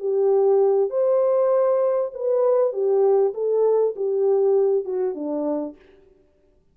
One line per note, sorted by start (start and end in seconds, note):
0.00 0.90 G4
0.90 2.12 C5
2.14 2.73 B4
2.73 3.34 G4
3.34 3.95 A4
3.96 4.85 G4
4.85 5.15 F#4
5.15 5.76 D4